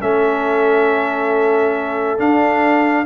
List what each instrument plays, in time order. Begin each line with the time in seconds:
0.00 tuba A3, trombone C#4, horn A4, trumpet E5
2.19 trombone D4, tuba D4, trumpet F5